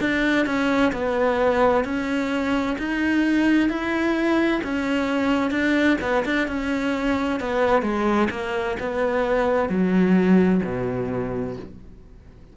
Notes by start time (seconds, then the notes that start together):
0.00 D4
0.46 C#4
0.92 B3
1.84 C#4
2.78 D#4
3.69 E4
4.63 C#4
5.50 D4
6.01 B3
6.25 D4
6.47 C#4
7.39 B3
7.82 G#3
8.30 A#3
8.79 B3
9.69 F#3
10.64 B2